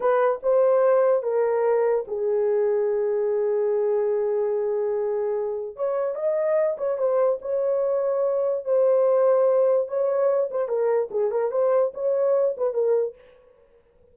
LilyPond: \new Staff \with { instrumentName = "horn" } { \time 4/4 \tempo 4 = 146 b'4 c''2 ais'4~ | ais'4 gis'2.~ | gis'1~ | gis'2 cis''4 dis''4~ |
dis''8 cis''8 c''4 cis''2~ | cis''4 c''2. | cis''4. c''8 ais'4 gis'8 ais'8 | c''4 cis''4. b'8 ais'4 | }